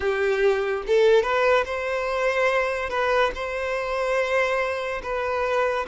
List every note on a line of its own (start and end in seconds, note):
0.00 0.83 G4
0.86 1.22 A4
1.22 1.64 B4
1.65 2.89 C5
2.89 3.31 B4
3.34 5.01 C5
5.02 5.86 B4